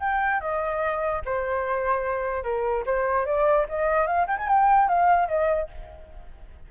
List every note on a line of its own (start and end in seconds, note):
0.00 0.40 G5
0.40 1.21 D#5
1.25 2.43 C5
2.43 2.84 A#4
2.86 3.26 C5
3.26 3.66 D5
3.69 4.07 D#5
4.07 4.27 F5
4.27 4.37 G5
4.38 4.48 G#5
4.48 4.88 G5
4.89 5.28 F5
5.28 5.69 D#5